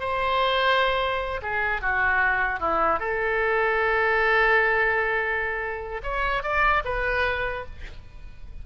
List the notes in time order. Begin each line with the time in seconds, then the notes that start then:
0.00 C5
1.42 G#4
1.81 F#4
2.60 E4
2.99 A4
6.03 C#5
6.43 D5
6.85 B4